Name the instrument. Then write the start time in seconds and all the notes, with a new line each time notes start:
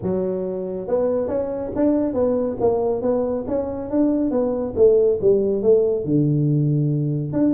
tuba
0.02 F#3
0.87 B3
1.28 C#4
1.75 D4
2.13 B3
2.60 A#3
3.01 B3
3.47 C#4
3.90 D4
4.30 B3
4.76 A3
5.21 G3
5.62 A3
6.05 D3
7.32 D4